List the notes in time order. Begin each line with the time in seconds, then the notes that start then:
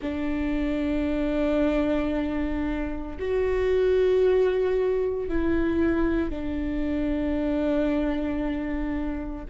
0.01 D4
3.19 F#4
5.28 E4
6.29 D4